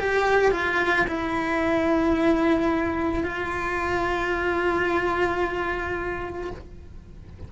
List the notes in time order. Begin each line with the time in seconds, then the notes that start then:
0.00 G4
0.52 F4
1.08 E4
3.24 F4